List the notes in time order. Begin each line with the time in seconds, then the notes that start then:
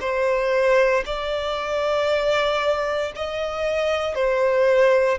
0.00 C5
1.05 D5
3.16 D#5
4.15 C5